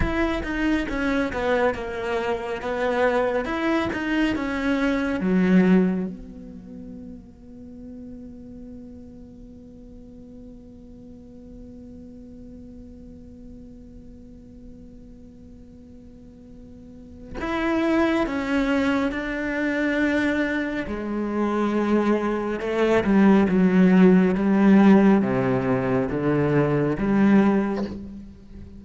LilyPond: \new Staff \with { instrumentName = "cello" } { \time 4/4 \tempo 4 = 69 e'8 dis'8 cis'8 b8 ais4 b4 | e'8 dis'8 cis'4 fis4 b4~ | b1~ | b1~ |
b1 | e'4 cis'4 d'2 | gis2 a8 g8 fis4 | g4 c4 d4 g4 | }